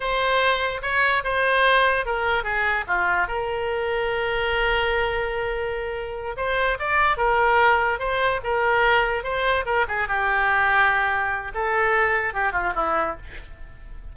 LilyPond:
\new Staff \with { instrumentName = "oboe" } { \time 4/4 \tempo 4 = 146 c''2 cis''4 c''4~ | c''4 ais'4 gis'4 f'4 | ais'1~ | ais'2.~ ais'8 c''8~ |
c''8 d''4 ais'2 c''8~ | c''8 ais'2 c''4 ais'8 | gis'8 g'2.~ g'8 | a'2 g'8 f'8 e'4 | }